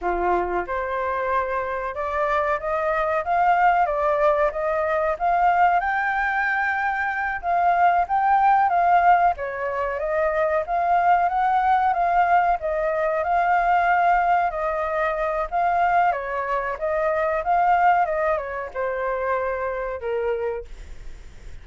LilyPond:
\new Staff \with { instrumentName = "flute" } { \time 4/4 \tempo 4 = 93 f'4 c''2 d''4 | dis''4 f''4 d''4 dis''4 | f''4 g''2~ g''8 f''8~ | f''8 g''4 f''4 cis''4 dis''8~ |
dis''8 f''4 fis''4 f''4 dis''8~ | dis''8 f''2 dis''4. | f''4 cis''4 dis''4 f''4 | dis''8 cis''8 c''2 ais'4 | }